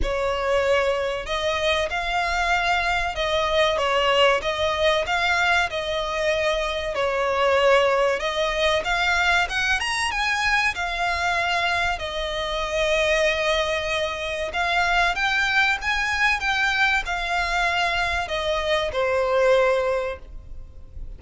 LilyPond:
\new Staff \with { instrumentName = "violin" } { \time 4/4 \tempo 4 = 95 cis''2 dis''4 f''4~ | f''4 dis''4 cis''4 dis''4 | f''4 dis''2 cis''4~ | cis''4 dis''4 f''4 fis''8 ais''8 |
gis''4 f''2 dis''4~ | dis''2. f''4 | g''4 gis''4 g''4 f''4~ | f''4 dis''4 c''2 | }